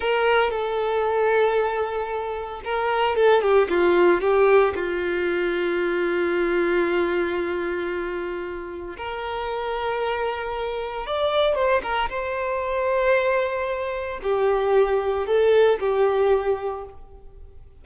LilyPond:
\new Staff \with { instrumentName = "violin" } { \time 4/4 \tempo 4 = 114 ais'4 a'2.~ | a'4 ais'4 a'8 g'8 f'4 | g'4 f'2.~ | f'1~ |
f'4 ais'2.~ | ais'4 d''4 c''8 ais'8 c''4~ | c''2. g'4~ | g'4 a'4 g'2 | }